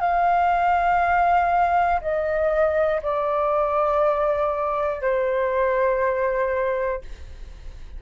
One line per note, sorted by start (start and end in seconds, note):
0.00 2.00 F5
2.01 3.01 D#5
3.02 5.01 D5
5.01 7.01 C5